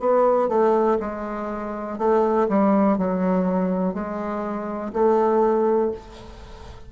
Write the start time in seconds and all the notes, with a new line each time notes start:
0.00 B3
0.49 A3
1.00 G#3
1.98 A3
2.49 G3
2.98 F#3
3.94 G#3
4.93 A3